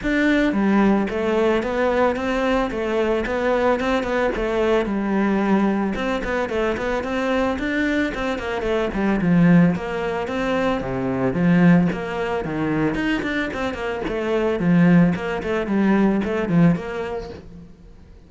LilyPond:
\new Staff \with { instrumentName = "cello" } { \time 4/4 \tempo 4 = 111 d'4 g4 a4 b4 | c'4 a4 b4 c'8 b8 | a4 g2 c'8 b8 | a8 b8 c'4 d'4 c'8 ais8 |
a8 g8 f4 ais4 c'4 | c4 f4 ais4 dis4 | dis'8 d'8 c'8 ais8 a4 f4 | ais8 a8 g4 a8 f8 ais4 | }